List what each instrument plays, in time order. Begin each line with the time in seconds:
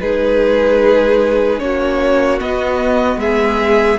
0.00 cello G#3, viola D#4, violin G#4 B4
1.59 cello A#3, viola C#4, violin F#4 C#5
2.39 viola B3, cello B3, violin D#5
3.16 cello G#3, violin G#4 E5